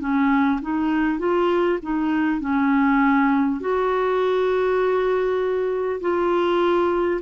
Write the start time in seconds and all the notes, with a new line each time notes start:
0.00 C#4
0.61 D#4
1.18 F4
1.82 D#4
2.40 C#4
3.60 F#4
6.01 F4